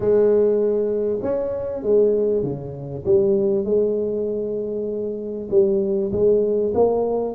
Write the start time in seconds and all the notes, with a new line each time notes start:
0.00 G#3
1.22 C#4
1.83 G#3
2.43 C#3
3.05 G3
3.64 G#3
5.50 G3
6.11 G#3
6.74 A#3